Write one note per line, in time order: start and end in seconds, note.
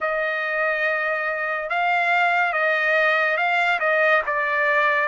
0.00 1.69 D#5
1.69 2.52 F5
2.52 3.36 D#5
3.36 3.79 F5
3.79 4.21 D#5
4.26 5.08 D5